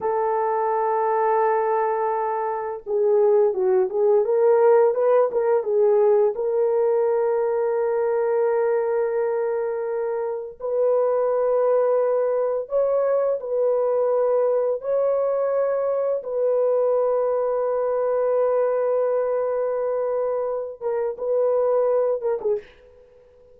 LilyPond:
\new Staff \with { instrumentName = "horn" } { \time 4/4 \tempo 4 = 85 a'1 | gis'4 fis'8 gis'8 ais'4 b'8 ais'8 | gis'4 ais'2.~ | ais'2. b'4~ |
b'2 cis''4 b'4~ | b'4 cis''2 b'4~ | b'1~ | b'4. ais'8 b'4. ais'16 gis'16 | }